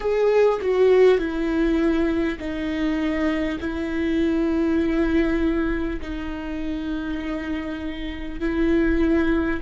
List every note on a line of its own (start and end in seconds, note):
0.00 0.59 G#4
0.61 1.18 F#4
1.18 2.38 E4
2.38 3.58 D#4
3.60 6.00 E4
6.01 8.39 D#4
8.39 9.59 E4